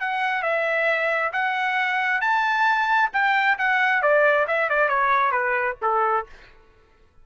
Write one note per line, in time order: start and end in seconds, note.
0.00 0.43 F#5
0.43 1.32 E5
1.32 2.21 F#5
2.21 3.10 A5
3.13 3.57 G5
3.58 4.02 F#5
4.02 4.46 D5
4.47 4.69 E5
4.69 4.88 D5
4.88 5.31 C#5
5.31 5.76 B4
5.82 6.26 A4